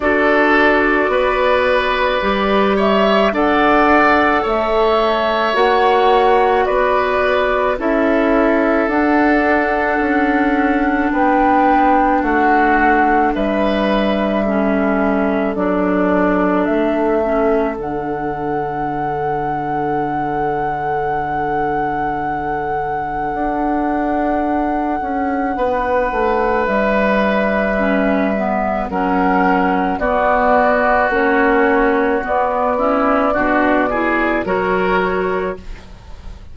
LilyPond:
<<
  \new Staff \with { instrumentName = "flute" } { \time 4/4 \tempo 4 = 54 d''2~ d''8 e''8 fis''4 | e''4 fis''4 d''4 e''4 | fis''2 g''4 fis''4 | e''2 d''4 e''4 |
fis''1~ | fis''1 | e''2 fis''4 d''4 | cis''4 d''2 cis''4 | }
  \new Staff \with { instrumentName = "oboe" } { \time 4/4 a'4 b'4. cis''8 d''4 | cis''2 b'4 a'4~ | a'2 b'4 fis'4 | b'4 a'2.~ |
a'1~ | a'2. b'4~ | b'2 ais'4 fis'4~ | fis'4. e'8 fis'8 gis'8 ais'4 | }
  \new Staff \with { instrumentName = "clarinet" } { \time 4/4 fis'2 g'4 a'4~ | a'4 fis'2 e'4 | d'1~ | d'4 cis'4 d'4. cis'8 |
d'1~ | d'1~ | d'4 cis'8 b8 cis'4 b4 | cis'4 b8 cis'8 d'8 e'8 fis'4 | }
  \new Staff \with { instrumentName = "bassoon" } { \time 4/4 d'4 b4 g4 d'4 | a4 ais4 b4 cis'4 | d'4 cis'4 b4 a4 | g2 fis4 a4 |
d1~ | d4 d'4. cis'8 b8 a8 | g2 fis4 b4 | ais4 b4 b,4 fis4 | }
>>